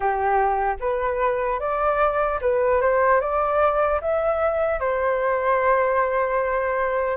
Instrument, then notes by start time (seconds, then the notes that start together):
flute
0.00 G4
0.80 B4
1.59 D5
2.41 B4
2.81 C5
3.20 D5
4.01 E5
4.80 C5